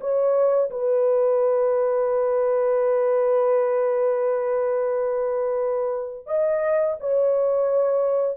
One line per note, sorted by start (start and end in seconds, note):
0.00 0.70 C#5
0.70 6.26 B4
6.26 6.96 D#5
7.00 8.37 C#5